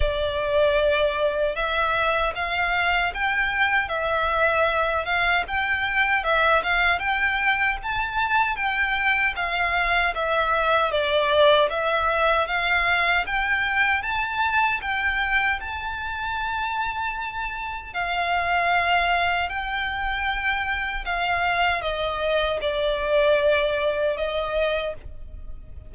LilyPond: \new Staff \with { instrumentName = "violin" } { \time 4/4 \tempo 4 = 77 d''2 e''4 f''4 | g''4 e''4. f''8 g''4 | e''8 f''8 g''4 a''4 g''4 | f''4 e''4 d''4 e''4 |
f''4 g''4 a''4 g''4 | a''2. f''4~ | f''4 g''2 f''4 | dis''4 d''2 dis''4 | }